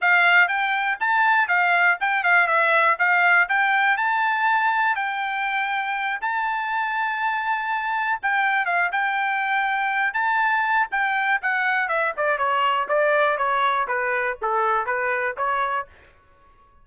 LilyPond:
\new Staff \with { instrumentName = "trumpet" } { \time 4/4 \tempo 4 = 121 f''4 g''4 a''4 f''4 | g''8 f''8 e''4 f''4 g''4 | a''2 g''2~ | g''8 a''2.~ a''8~ |
a''8 g''4 f''8 g''2~ | g''8 a''4. g''4 fis''4 | e''8 d''8 cis''4 d''4 cis''4 | b'4 a'4 b'4 cis''4 | }